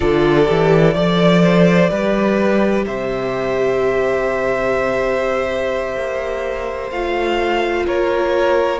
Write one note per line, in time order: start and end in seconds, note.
0.00 0.49 D3
0.00 0.44 F4
0.00 0.94 A4
0.00 2.84 D5
0.44 0.94 E3
0.44 0.92 G4
0.94 1.89 F3
0.94 1.90 A4
0.94 1.41 D5
1.43 1.89 C5
1.89 2.86 G3
1.89 6.90 G4
1.89 2.85 B4
2.86 5.96 C3
2.86 7.86 C5
2.86 6.90 E5
5.96 6.91 A#3
6.90 7.86 A3
6.90 8.79 F4
6.90 7.85 F5
7.86 8.79 A#3
7.86 8.79 A#4
7.86 8.79 C#5